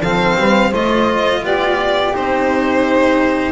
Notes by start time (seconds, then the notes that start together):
0.00 F3 C4 A4 F5
0.38 G3 B4
0.69 A3 F4 C5 D#5
1.41 B3 G4 D5
2.13 C4 D#4 C5